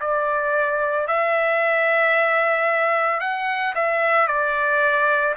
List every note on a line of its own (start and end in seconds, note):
0.00 1.07 D5
1.07 3.20 E5
3.20 3.74 F#5
3.75 4.28 E5
4.28 5.35 D5